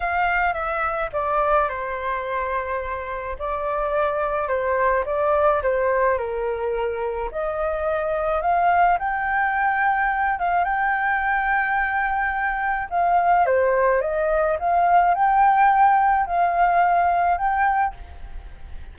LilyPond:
\new Staff \with { instrumentName = "flute" } { \time 4/4 \tempo 4 = 107 f''4 e''4 d''4 c''4~ | c''2 d''2 | c''4 d''4 c''4 ais'4~ | ais'4 dis''2 f''4 |
g''2~ g''8 f''8 g''4~ | g''2. f''4 | c''4 dis''4 f''4 g''4~ | g''4 f''2 g''4 | }